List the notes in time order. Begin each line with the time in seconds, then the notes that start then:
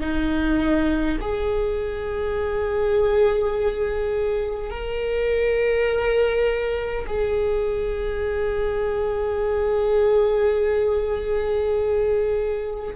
0.00 D#4
1.20 G#4
4.70 A#4
7.06 G#4